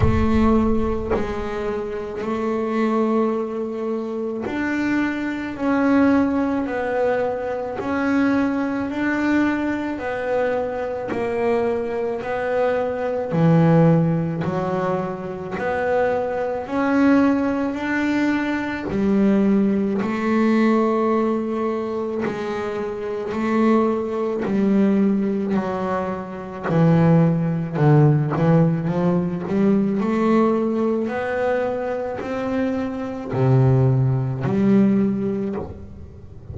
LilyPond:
\new Staff \with { instrumentName = "double bass" } { \time 4/4 \tempo 4 = 54 a4 gis4 a2 | d'4 cis'4 b4 cis'4 | d'4 b4 ais4 b4 | e4 fis4 b4 cis'4 |
d'4 g4 a2 | gis4 a4 g4 fis4 | e4 d8 e8 f8 g8 a4 | b4 c'4 c4 g4 | }